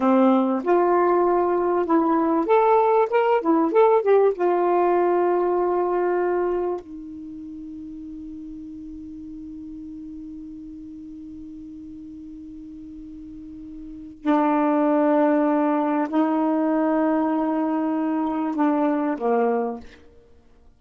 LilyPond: \new Staff \with { instrumentName = "saxophone" } { \time 4/4 \tempo 4 = 97 c'4 f'2 e'4 | a'4 ais'8 e'8 a'8 g'8 f'4~ | f'2. dis'4~ | dis'1~ |
dis'1~ | dis'2. d'4~ | d'2 dis'2~ | dis'2 d'4 ais4 | }